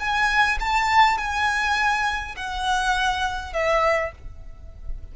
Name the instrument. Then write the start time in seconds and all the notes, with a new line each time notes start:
violin
0.00 G#5
0.60 A5
1.18 G#5
2.37 F#5
3.54 E5